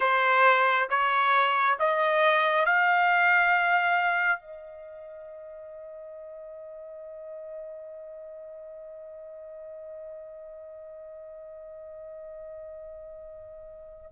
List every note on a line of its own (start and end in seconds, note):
0.00 0.88 C5
0.89 1.78 C#5
1.79 2.65 D#5
2.65 4.40 F5
4.40 14.10 D#5